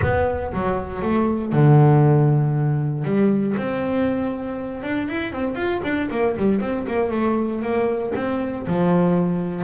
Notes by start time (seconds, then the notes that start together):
0.01 B3
0.53 F#3
1.02 A3
1.52 D3
3.04 G3
3.57 C4
4.83 D4
5.08 E4
5.32 C4
5.55 F4
5.83 D4
6.11 A#3
6.36 G3
6.60 C4
6.87 A#3
7.10 A3
7.62 A#3
8.15 C4
8.67 F3